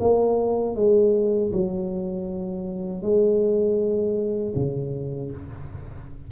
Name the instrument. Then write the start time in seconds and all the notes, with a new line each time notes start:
tuba
0.00 A#3
0.76 G#3
1.53 F#3
3.02 G#3
4.56 C#3